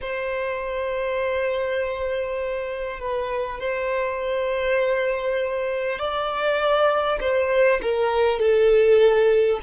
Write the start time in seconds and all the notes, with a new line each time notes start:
0.01 C5
2.99 B4
3.59 C5
5.98 D5
7.20 C5
7.82 A#4
8.39 A4